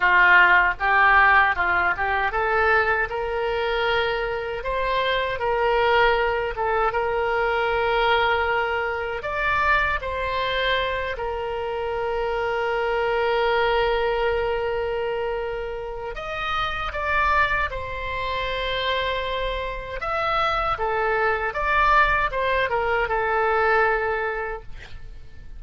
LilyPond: \new Staff \with { instrumentName = "oboe" } { \time 4/4 \tempo 4 = 78 f'4 g'4 f'8 g'8 a'4 | ais'2 c''4 ais'4~ | ais'8 a'8 ais'2. | d''4 c''4. ais'4.~ |
ais'1~ | ais'4 dis''4 d''4 c''4~ | c''2 e''4 a'4 | d''4 c''8 ais'8 a'2 | }